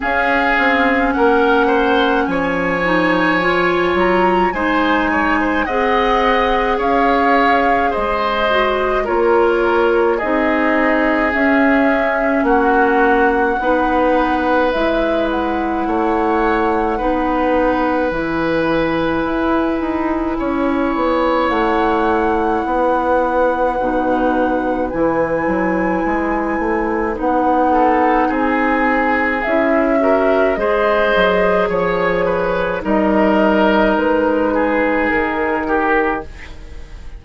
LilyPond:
<<
  \new Staff \with { instrumentName = "flute" } { \time 4/4 \tempo 4 = 53 f''4 fis''4 gis''4. ais''8 | gis''4 fis''4 f''4 dis''4 | cis''4 dis''4 e''4 fis''4~ | fis''4 e''8 fis''2~ fis''8 |
gis''2. fis''4~ | fis''2 gis''2 | fis''4 gis''4 e''4 dis''4 | cis''4 dis''4 b'4 ais'4 | }
  \new Staff \with { instrumentName = "oboe" } { \time 4/4 gis'4 ais'8 c''8 cis''2 | c''8 cis''16 c''16 dis''4 cis''4 c''4 | ais'4 gis'2 fis'4 | b'2 cis''4 b'4~ |
b'2 cis''2 | b'1~ | b'8 a'8 gis'4. ais'8 c''4 | cis''8 b'8 ais'4. gis'4 g'8 | }
  \new Staff \with { instrumentName = "clarinet" } { \time 4/4 cis'2~ cis'8 dis'8 f'4 | dis'4 gis'2~ gis'8 fis'8 | f'4 dis'4 cis'2 | dis'4 e'2 dis'4 |
e'1~ | e'4 dis'4 e'2 | dis'2 e'8 fis'8 gis'4~ | gis'4 dis'2. | }
  \new Staff \with { instrumentName = "bassoon" } { \time 4/4 cis'8 c'8 ais4 f4. fis8 | gis4 c'4 cis'4 gis4 | ais4 c'4 cis'4 ais4 | b4 gis4 a4 b4 |
e4 e'8 dis'8 cis'8 b8 a4 | b4 b,4 e8 fis8 gis8 a8 | b4 c'4 cis'4 gis8 fis8 | f4 g4 gis4 dis4 | }
>>